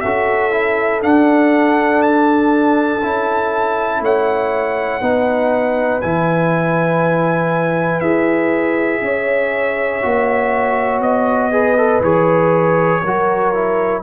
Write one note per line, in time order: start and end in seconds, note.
0.00 1.03 C#4
0.00 0.51 F#4
0.00 4.02 A4
0.00 1.00 E5
0.51 1.01 E4
1.01 3.01 D4
1.01 3.02 D4
1.01 2.02 F#5
2.02 4.02 A5
3.02 4.00 C#4
3.02 5.01 E4
4.00 5.00 A3
4.00 5.01 C#5
4.00 6.01 F#5
5.01 6.01 B3
5.01 6.01 D#4
5.01 9.01 B4
6.01 8.01 E3
6.01 8.02 E4
6.01 8.00 G#5
8.00 9.01 E4
8.00 10.02 G#4
8.00 11.00 E5
9.01 10.01 C#4
9.01 11.52 C#5
10.02 10.99 A#3
10.02 11.51 F#4
10.99 11.99 B3
10.99 12.02 D#5
11.51 11.76 G#4
11.51 13.02 B4
11.77 12.02 A4
12.00 13.00 E3
12.00 13.02 G#4
12.00 14.02 C#5
13.02 14.02 F#3
13.02 13.54 F#4
13.02 14.02 A#4
13.54 14.02 E4